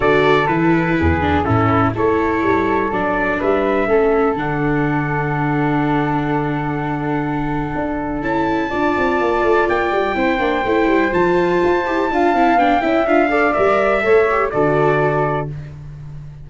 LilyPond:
<<
  \new Staff \with { instrumentName = "trumpet" } { \time 4/4 \tempo 4 = 124 d''4 b'2 a'4 | cis''2 d''4 e''4~ | e''4 fis''2.~ | fis''1~ |
fis''4 a''2. | g''2. a''4~ | a''2 g''4 f''4 | e''2 d''2 | }
  \new Staff \with { instrumentName = "flute" } { \time 4/4 a'2 gis'4 e'4 | a'2. b'4 | a'1~ | a'1~ |
a'2 d''2~ | d''4 c''2.~ | c''4 f''4. e''4 d''8~ | d''4 cis''4 a'2 | }
  \new Staff \with { instrumentName = "viola" } { \time 4/4 fis'4 e'4. d'8 cis'4 | e'2 d'2 | cis'4 d'2.~ | d'1~ |
d'4 e'4 f'2~ | f'4 e'8 d'8 e'4 f'4~ | f'8 g'8 f'8 e'8 d'8 e'8 f'8 a'8 | ais'4 a'8 g'8 fis'2 | }
  \new Staff \with { instrumentName = "tuba" } { \time 4/4 d4 e4 e,4 a,4 | a4 g4 fis4 g4 | a4 d2.~ | d1 |
d'4 cis'4 d'8 c'8 ais8 a8 | ais8 g8 c'8 ais8 a8 g8 f4 | f'8 e'8 d'8 c'8 b8 cis'8 d'4 | g4 a4 d2 | }
>>